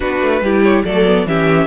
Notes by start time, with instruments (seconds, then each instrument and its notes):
0.00 cello B3, viola D4, violin F#4 B4
0.21 cello A3
0.41 cello G3, viola E4, violin G4
0.62 violin C#5
0.84 cello F#3, viola A3, violin A4 D5
1.05 viola B3
1.25 cello E3, viola C#4, violin G4 E5